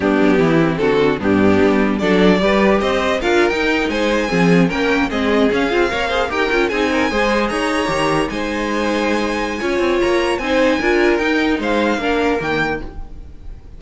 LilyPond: <<
  \new Staff \with { instrumentName = "violin" } { \time 4/4 \tempo 4 = 150 g'2 a'4 g'4~ | g'4 d''2 dis''4 | f''8. g''4 gis''2 g''16~ | g''8. dis''4 f''2 g''16~ |
g''8. gis''2 ais''4~ ais''16~ | ais''8. gis''2.~ gis''16~ | gis''4 ais''4 gis''2 | g''4 f''2 g''4 | }
  \new Staff \with { instrumentName = "violin" } { \time 4/4 d'4 e'4 fis'4 d'4~ | d'4 a'4 b'4 c''4 | ais'4.~ ais'16 c''4 gis'4 ais'16~ | ais'8. gis'2 cis''8 c''8 ais'16~ |
ais'8. gis'8 ais'8 c''4 cis''4~ cis''16~ | cis''8. c''2.~ c''16 | cis''2 c''4 ais'4~ | ais'4 c''4 ais'2 | }
  \new Staff \with { instrumentName = "viola" } { \time 4/4 b4. c'4. b4~ | b4 d'4 g'2 | f'8. dis'2 c'4 cis'16~ | cis'8. c'4 cis'8 f'8 ais'8 gis'8 g'16~ |
g'16 f'8 dis'4 gis'2 g'16~ | g'8. dis'2.~ dis'16 | f'2 dis'4 f'4 | dis'2 d'4 ais4 | }
  \new Staff \with { instrumentName = "cello" } { \time 4/4 g8 fis8 e4 d4 g,4 | g4 fis4 g4 c'4 | d'8. dis'4 gis4 f4 ais16~ | ais8. gis4 cis'8 c'8 ais4 dis'16~ |
dis'16 cis'8 c'4 gis4 dis'4 dis16~ | dis8. gis2.~ gis16 | cis'8 c'8 ais4 c'4 d'4 | dis'4 gis4 ais4 dis4 | }
>>